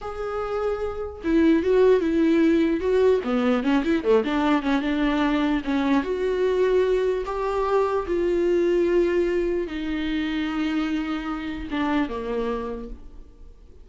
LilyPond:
\new Staff \with { instrumentName = "viola" } { \time 4/4 \tempo 4 = 149 gis'2. e'4 | fis'4 e'2 fis'4 | b4 cis'8 e'8 a8 d'4 cis'8 | d'2 cis'4 fis'4~ |
fis'2 g'2 | f'1 | dis'1~ | dis'4 d'4 ais2 | }